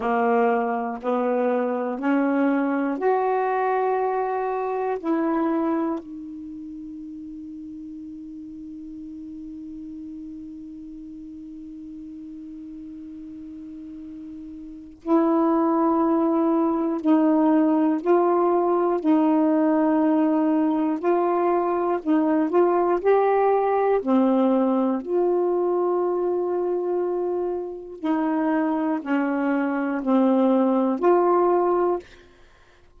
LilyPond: \new Staff \with { instrumentName = "saxophone" } { \time 4/4 \tempo 4 = 60 ais4 b4 cis'4 fis'4~ | fis'4 e'4 dis'2~ | dis'1~ | dis'2. e'4~ |
e'4 dis'4 f'4 dis'4~ | dis'4 f'4 dis'8 f'8 g'4 | c'4 f'2. | dis'4 cis'4 c'4 f'4 | }